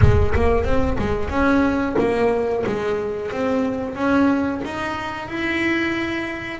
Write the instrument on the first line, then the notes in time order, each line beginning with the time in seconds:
double bass
0.01 G#3
0.34 A#3
0.64 C4
0.98 G#3
1.29 C#4
1.98 A#3
2.66 G#3
3.31 C4
3.95 C#4
4.64 D#4
5.28 E4